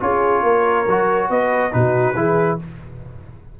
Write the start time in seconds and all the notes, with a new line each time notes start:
0.00 C#4 F4 G#4 C#5
0.42 A#3 A#4
0.87 F#3 F#4
1.30 B3 B4 D#5
1.72 B2 D#4 F#4 B4
2.15 E3 E4 G#4